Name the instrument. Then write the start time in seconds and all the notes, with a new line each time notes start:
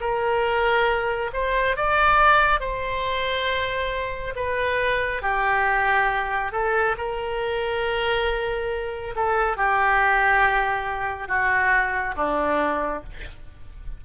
oboe
0.00 A#4
1.33 C5
1.76 D5
2.60 C5
4.35 B4
5.22 G4
6.52 A4
6.97 A#4
9.15 A4
9.57 G4
11.28 F#4
12.16 D4